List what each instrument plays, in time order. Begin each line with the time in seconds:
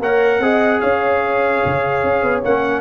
0.00 tuba A#3, trombone A#4, horn C#5, trumpet F#5
0.40 tuba C4, trombone G#4, horn D#5
0.81 tuba C#4, horn C#5, trumpet F5
1.66 tuba C#3
2.04 tuba C#4
2.23 tuba B3
2.44 tuba A#3, trombone C#4, trumpet F#5